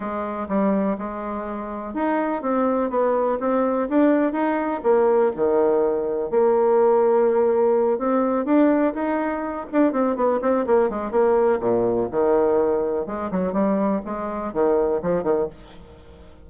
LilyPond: \new Staff \with { instrumentName = "bassoon" } { \time 4/4 \tempo 4 = 124 gis4 g4 gis2 | dis'4 c'4 b4 c'4 | d'4 dis'4 ais4 dis4~ | dis4 ais2.~ |
ais8 c'4 d'4 dis'4. | d'8 c'8 b8 c'8 ais8 gis8 ais4 | ais,4 dis2 gis8 fis8 | g4 gis4 dis4 f8 dis8 | }